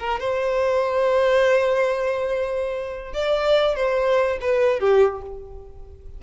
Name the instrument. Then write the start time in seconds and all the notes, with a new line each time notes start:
violin
0.00 A#4
0.20 C5
3.14 D5
3.76 C5
4.41 B4
4.80 G4